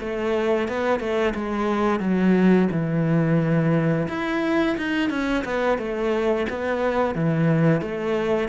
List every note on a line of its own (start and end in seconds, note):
0.00 0.68 A3
0.68 1.00 B3
1.00 1.34 A3
1.35 2.00 G#3
2.00 2.68 F#3
2.71 4.08 E3
4.08 4.76 E4
4.77 5.10 D#4
5.10 5.44 C#4
5.44 5.78 B3
5.78 6.46 A3
6.49 7.15 B3
7.15 7.81 E3
7.81 8.49 A3